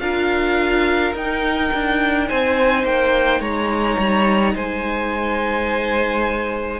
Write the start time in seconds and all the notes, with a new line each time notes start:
0.00 D4 F4 A#4 F5
1.14 D#4 G5
1.73 D4
2.28 C4 C5 G#5
2.84 A#3 G5
3.40 G#3 C#5 A#5
3.98 G3
4.54 G#3 C5 G#5